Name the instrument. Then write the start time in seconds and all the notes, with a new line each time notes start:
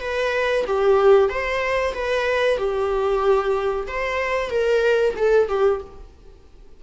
viola
0.00 B4
0.66 G4
1.29 C5
1.94 B4
2.57 G4
3.87 C5
4.50 A#4
5.16 A4
5.48 G4